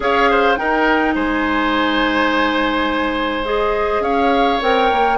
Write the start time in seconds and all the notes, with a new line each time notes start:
0.00 C#4 G#4 C#5 F5
0.30 C5
0.56 D#4 A#4 G5
1.14 G#3 C5 G#5
3.44 G#4 D#5
4.00 C#4 C#5 F5
4.61 C4 A#4 G5
4.91 A#3